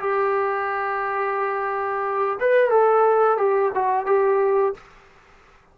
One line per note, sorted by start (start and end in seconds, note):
0.00 2.39 G4
2.40 2.70 B4
2.70 3.37 A4
3.37 3.72 G4
3.74 4.06 F#4
4.06 4.74 G4